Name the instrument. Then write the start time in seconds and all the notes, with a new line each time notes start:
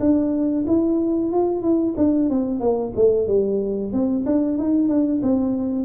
tuba
0.00 D4
0.67 E4
1.32 F4
1.62 E4
1.97 D4
2.30 C4
2.61 A#3
2.96 A3
3.28 G3
3.92 C4
4.26 D4
4.58 D#4
4.89 D4
5.23 C4